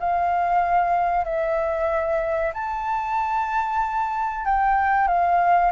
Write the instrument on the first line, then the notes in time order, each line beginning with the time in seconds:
flute
0.00 F5
1.25 E5
2.54 A5
4.46 G5
5.08 F5